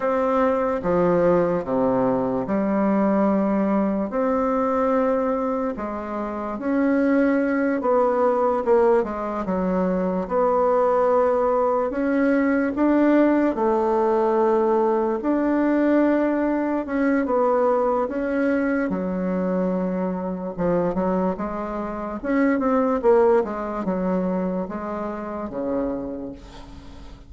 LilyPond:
\new Staff \with { instrumentName = "bassoon" } { \time 4/4 \tempo 4 = 73 c'4 f4 c4 g4~ | g4 c'2 gis4 | cis'4. b4 ais8 gis8 fis8~ | fis8 b2 cis'4 d'8~ |
d'8 a2 d'4.~ | d'8 cis'8 b4 cis'4 fis4~ | fis4 f8 fis8 gis4 cis'8 c'8 | ais8 gis8 fis4 gis4 cis4 | }